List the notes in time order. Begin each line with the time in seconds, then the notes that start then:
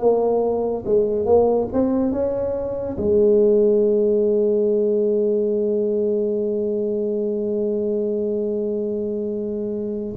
0.00 A#3
0.86 G#3
1.26 A#3
1.73 C4
2.12 C#4
2.98 G#3